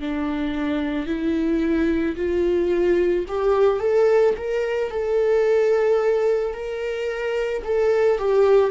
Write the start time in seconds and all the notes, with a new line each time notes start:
0.00 D4
1.06 E4
2.16 F4
3.28 G4
3.79 A4
4.37 A#4
4.90 A4
6.54 A#4
7.64 A4
8.18 G4